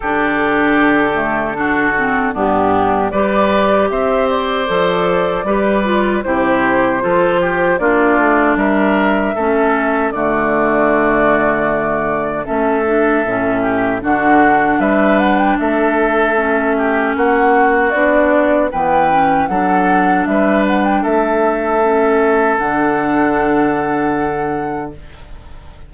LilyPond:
<<
  \new Staff \with { instrumentName = "flute" } { \time 4/4 \tempo 4 = 77 a'2. g'4 | d''4 e''8 d''2~ d''8 | c''2 d''4 e''4~ | e''4 d''2. |
e''2 fis''4 e''8 fis''16 g''16 | e''2 fis''4 d''4 | g''4 fis''4 e''8 fis''16 g''16 e''4~ | e''4 fis''2. | }
  \new Staff \with { instrumentName = "oboe" } { \time 4/4 g'2 fis'4 d'4 | b'4 c''2 b'4 | g'4 a'8 g'8 f'4 ais'4 | a'4 fis'2. |
a'4. g'8 fis'4 b'4 | a'4. g'8 fis'2 | b'4 a'4 b'4 a'4~ | a'1 | }
  \new Staff \with { instrumentName = "clarinet" } { \time 4/4 d'4. a8 d'8 c'8 b4 | g'2 a'4 g'8 f'8 | e'4 f'4 d'2 | cis'4 a2. |
cis'8 d'8 cis'4 d'2~ | d'4 cis'2 d'4 | b8 cis'8 d'2. | cis'4 d'2. | }
  \new Staff \with { instrumentName = "bassoon" } { \time 4/4 d2. g,4 | g4 c'4 f4 g4 | c4 f4 ais8 a8 g4 | a4 d2. |
a4 a,4 d4 g4 | a2 ais4 b4 | e4 fis4 g4 a4~ | a4 d2. | }
>>